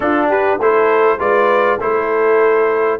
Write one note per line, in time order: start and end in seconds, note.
0.00 0.58 D4
0.00 0.59 D4
0.00 0.28 F4
0.00 0.30 A4
0.28 0.58 G4
0.28 0.60 B4
0.58 1.18 A3
0.58 1.18 E4
0.58 1.19 A4
0.58 1.20 C5
1.18 1.79 G#3
1.18 1.78 F4
1.18 1.79 B4
1.18 1.80 D5
1.79 3.00 A3
1.79 3.00 E4
1.79 3.00 A4
1.79 3.00 C5